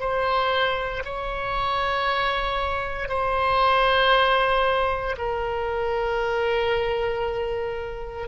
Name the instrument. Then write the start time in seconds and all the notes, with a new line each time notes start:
oboe
0.00 C5
1.05 C#5
3.09 C5
5.18 A#4